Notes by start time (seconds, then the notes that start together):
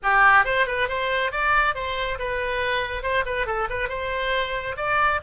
0.02 G4
0.44 C5
0.66 B4
0.88 C5
1.31 D5
1.75 C5
2.18 B4
3.02 C5
3.25 B4
3.46 A4
3.69 B4
3.89 C5
4.76 D5